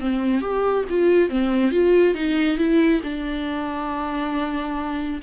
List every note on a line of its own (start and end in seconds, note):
0.00 0.41 C4
0.41 0.85 G4
0.90 1.30 F4
1.30 1.71 C4
1.71 2.15 F4
2.15 2.58 D#4
2.58 3.01 E4
3.03 5.21 D4